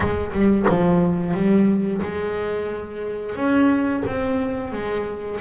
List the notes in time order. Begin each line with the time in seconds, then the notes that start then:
0.00 G#3
0.32 G3
0.68 F3
1.34 G3
2.02 G#3
3.35 C#4
4.06 C4
4.72 G#3